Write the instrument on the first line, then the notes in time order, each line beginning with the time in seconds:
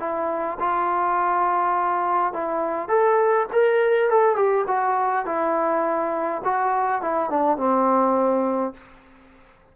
trombone
0.00 E4
0.60 F4
2.34 E4
2.89 A4
3.53 A#4
4.10 A4
4.36 G4
4.68 F#4
5.26 E4
6.45 F#4
7.02 E4
7.30 D4
7.57 C4